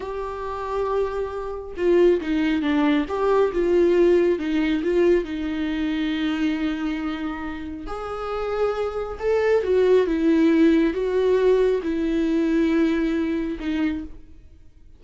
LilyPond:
\new Staff \with { instrumentName = "viola" } { \time 4/4 \tempo 4 = 137 g'1 | f'4 dis'4 d'4 g'4 | f'2 dis'4 f'4 | dis'1~ |
dis'2 gis'2~ | gis'4 a'4 fis'4 e'4~ | e'4 fis'2 e'4~ | e'2. dis'4 | }